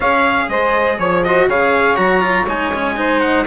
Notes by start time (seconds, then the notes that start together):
0.00 C#4 G#4 C#5 F5
0.48 G#3 C5 D#5
0.97 F3 C#5
1.23 F#4 C5 D#5
1.47 C#3 G#4 C#5 F5
1.96 F#3 F#4 A#5
2.20 F4
2.47 G#3 D#4 G#5
2.74 C#4
2.96 D#4 C5
3.20 F#5